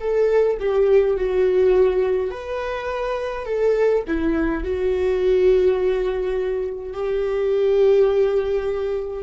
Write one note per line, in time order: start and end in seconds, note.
0.00 0.58 A4
0.59 1.17 G4
1.17 2.30 F#4
2.30 3.46 B4
3.46 4.03 A4
4.07 4.63 E4
4.63 6.93 F#4
6.93 9.23 G4